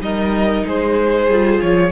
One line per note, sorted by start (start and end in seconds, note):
0.00 0.64 G3
0.00 1.29 D#4
0.00 0.67 A#4
0.00 0.66 D#5
0.65 1.27 G#3
0.65 1.92 G#4
0.65 1.62 C5
1.27 1.59 G3
1.27 1.92 F4
1.62 1.92 F3
1.62 1.92 C#5